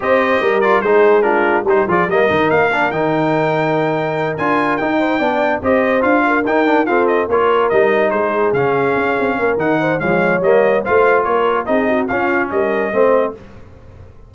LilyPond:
<<
  \new Staff \with { instrumentName = "trumpet" } { \time 4/4 \tempo 4 = 144 dis''4. d''8 c''4 ais'4 | c''8 d''8 dis''4 f''4 g''4~ | g''2~ g''8 gis''4 g''8~ | g''4. dis''4 f''4 g''8~ |
g''8 f''8 dis''8 cis''4 dis''4 c''8~ | c''8 f''2~ f''8 fis''4 | f''4 dis''4 f''4 cis''4 | dis''4 f''4 dis''2 | }
  \new Staff \with { instrumentName = "horn" } { \time 4/4 c''4 ais'4 gis'4 f'4 | g'8 gis'8 ais'2.~ | ais'1 | c''8 d''4 c''4. ais'4~ |
ais'8 a'4 ais'2 gis'8~ | gis'2~ gis'8 ais'4 c''8 | cis''2 c''4 ais'4 | gis'8 fis'8 f'4 ais'4 c''4 | }
  \new Staff \with { instrumentName = "trombone" } { \time 4/4 g'4. f'8 dis'4 d'4 | dis'8 f'8 ais8 dis'4 d'8 dis'4~ | dis'2~ dis'8 f'4 dis'8~ | dis'8 d'4 g'4 f'4 dis'8 |
d'8 c'4 f'4 dis'4.~ | dis'8 cis'2~ cis'8 dis'4 | gis4 ais4 f'2 | dis'4 cis'2 c'4 | }
  \new Staff \with { instrumentName = "tuba" } { \time 4/4 c'4 g4 gis2 | g8 f8 g8 dis8 ais4 dis4~ | dis2~ dis8 d'4 dis'8~ | dis'8 b4 c'4 d'4 dis'8~ |
dis'8 f'4 ais4 g4 gis8~ | gis8 cis4 cis'8 c'8 ais8 dis4 | f4 g4 a4 ais4 | c'4 cis'4 g4 a4 | }
>>